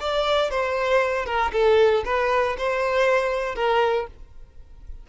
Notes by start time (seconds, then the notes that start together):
0.00 D5
0.51 C5
1.26 A#4
1.53 A4
2.05 B4
2.58 C5
3.55 A#4